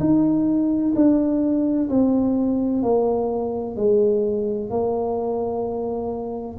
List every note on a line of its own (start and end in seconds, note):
0.00 0.94 D#4
0.95 1.89 D4
1.90 2.83 C4
2.83 3.76 A#3
3.76 4.70 G#3
4.70 6.58 A#3